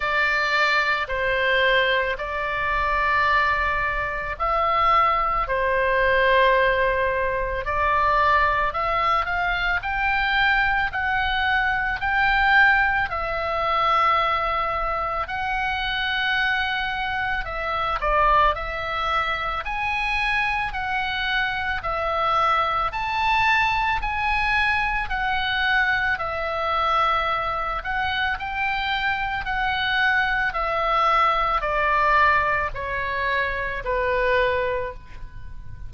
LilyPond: \new Staff \with { instrumentName = "oboe" } { \time 4/4 \tempo 4 = 55 d''4 c''4 d''2 | e''4 c''2 d''4 | e''8 f''8 g''4 fis''4 g''4 | e''2 fis''2 |
e''8 d''8 e''4 gis''4 fis''4 | e''4 a''4 gis''4 fis''4 | e''4. fis''8 g''4 fis''4 | e''4 d''4 cis''4 b'4 | }